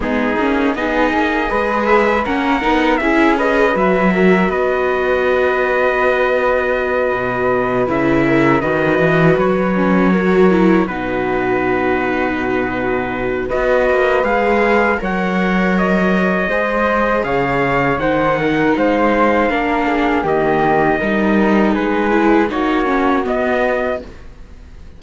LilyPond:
<<
  \new Staff \with { instrumentName = "trumpet" } { \time 4/4 \tempo 4 = 80 gis'4 dis''4. e''8 fis''4 | e''8 dis''8 e''4 dis''2~ | dis''2~ dis''8 e''4 dis''8~ | dis''8 cis''2 b'4.~ |
b'2 dis''4 f''4 | fis''4 dis''2 f''4 | fis''4 f''2 dis''4~ | dis''4 b'4 cis''4 dis''4 | }
  \new Staff \with { instrumentName = "flute" } { \time 4/4 dis'4 gis'4 b'4 ais'4 | gis'8 b'4 ais'8 b'2~ | b'2. ais'8 b'8~ | b'4. ais'4 fis'4.~ |
fis'2 b'2 | cis''2 c''4 cis''4 | c''8 ais'8 c''4 ais'8 gis'8 g'4 | ais'4 gis'4 fis'2 | }
  \new Staff \with { instrumentName = "viola" } { \time 4/4 b8 cis'8 dis'4 gis'4 cis'8 dis'8 | e'8 gis'8 fis'2.~ | fis'2~ fis'8 e'4 fis'8~ | fis'4 cis'8 fis'8 e'8 dis'4.~ |
dis'2 fis'4 gis'4 | ais'2 gis'2 | dis'2 d'4 ais4 | dis'4. e'8 dis'8 cis'8 b4 | }
  \new Staff \with { instrumentName = "cello" } { \time 4/4 gis8 ais8 b8 ais8 gis4 ais8 b8 | cis'4 fis4 b2~ | b4. b,4 cis4 dis8 | e8 fis2 b,4.~ |
b,2 b8 ais8 gis4 | fis2 gis4 cis4 | dis4 gis4 ais4 dis4 | g4 gis4 ais4 b4 | }
>>